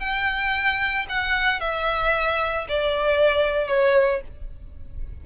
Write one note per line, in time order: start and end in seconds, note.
0.00 1.06 G5
1.09 1.60 F#5
1.60 2.66 E5
2.69 3.68 D5
3.68 4.21 C#5